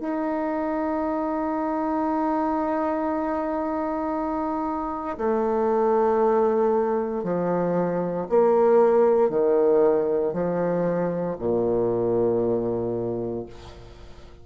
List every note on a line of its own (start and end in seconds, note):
0.00 5.17 D#4
5.18 7.24 A3
7.24 8.27 F3
8.29 9.30 A#3
9.30 10.33 D#3
10.33 11.37 F3
11.39 13.46 A#2